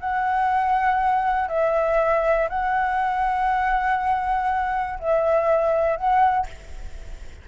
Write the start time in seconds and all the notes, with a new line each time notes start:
0.00 F#5
1.49 E5
2.49 F#5
5.00 E5
5.96 F#5